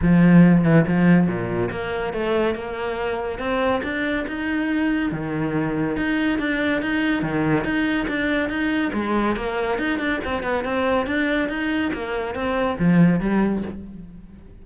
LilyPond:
\new Staff \with { instrumentName = "cello" } { \time 4/4 \tempo 4 = 141 f4. e8 f4 ais,4 | ais4 a4 ais2 | c'4 d'4 dis'2 | dis2 dis'4 d'4 |
dis'4 dis4 dis'4 d'4 | dis'4 gis4 ais4 dis'8 d'8 | c'8 b8 c'4 d'4 dis'4 | ais4 c'4 f4 g4 | }